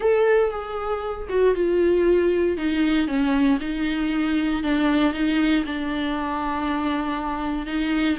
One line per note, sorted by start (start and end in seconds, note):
0.00 0.51 A4
0.51 1.28 G#4
1.29 1.54 F#4
1.54 2.57 F4
2.57 3.07 D#4
3.07 3.59 C#4
3.60 4.63 D#4
4.63 5.13 D4
5.13 5.64 D#4
5.65 7.66 D4
7.66 8.17 D#4